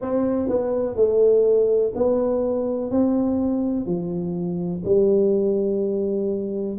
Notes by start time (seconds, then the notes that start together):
0.01 C4
0.48 B3
0.96 A3
1.95 B3
2.90 C4
3.86 F3
4.84 G3